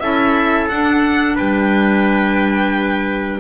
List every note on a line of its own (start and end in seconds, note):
0.00 0.69 C#4
0.00 0.70 E4
0.00 1.36 A4
0.00 0.68 E5
0.69 3.40 D4
0.69 1.39 D4
0.69 1.37 F#5
1.36 3.40 G3
1.36 3.40 B4
1.36 3.40 G5